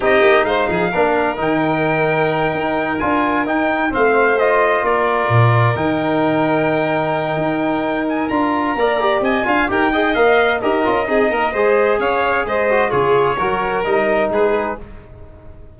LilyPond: <<
  \new Staff \with { instrumentName = "trumpet" } { \time 4/4 \tempo 4 = 130 dis''4 f''2 g''4~ | g''2~ g''8 gis''4 g''8~ | g''8 f''4 dis''4 d''4.~ | d''8 g''2.~ g''8~ |
g''4. gis''8 ais''2 | gis''4 g''4 f''4 dis''4~ | dis''2 f''4 dis''4 | cis''2 dis''4 b'4 | }
  \new Staff \with { instrumentName = "violin" } { \time 4/4 g'4 c''8 gis'8 ais'2~ | ais'1~ | ais'8 c''2 ais'4.~ | ais'1~ |
ais'2. d''4 | dis''8 f''8 ais'8 dis''4. ais'4 | gis'8 ais'8 c''4 cis''4 c''4 | gis'4 ais'2 gis'4 | }
  \new Staff \with { instrumentName = "trombone" } { \time 4/4 dis'2 d'4 dis'4~ | dis'2~ dis'8 f'4 dis'8~ | dis'8 c'4 f'2~ f'8~ | f'8 dis'2.~ dis'8~ |
dis'2 f'4 ais'8 g'8~ | g'8 f'8 g'8 gis'8 ais'4 g'8 f'8 | dis'4 gis'2~ gis'8 fis'8 | f'4 fis'4 dis'2 | }
  \new Staff \with { instrumentName = "tuba" } { \time 4/4 c'8 ais8 gis8 f8 ais4 dis4~ | dis4. dis'4 d'4 dis'8~ | dis'8 a2 ais4 ais,8~ | ais,8 dis2.~ dis8 |
dis'2 d'4 ais4 | c'8 d'8 dis'4 ais4 dis'8 cis'8 | c'8 ais8 gis4 cis'4 gis4 | cis4 fis4 g4 gis4 | }
>>